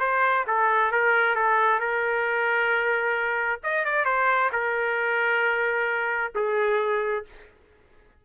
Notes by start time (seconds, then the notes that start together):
0.00 C5
0.47 A4
0.92 A#4
1.35 A4
1.80 A#4
3.63 D#5
3.85 D5
4.05 C5
4.52 A#4
6.35 G#4